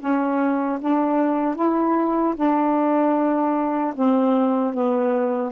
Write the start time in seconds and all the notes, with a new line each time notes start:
0.00 C#4
0.81 D4
1.56 E4
2.36 D4
3.95 C4
4.74 B3